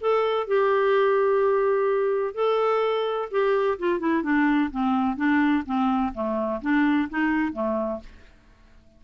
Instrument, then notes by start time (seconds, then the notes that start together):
clarinet
0.00 A4
0.47 G4
2.34 A4
3.31 G4
3.78 F4
3.99 E4
4.23 D4
4.71 C4
5.16 D4
5.65 C4
6.14 A3
6.61 D4
7.09 D#4
7.52 A3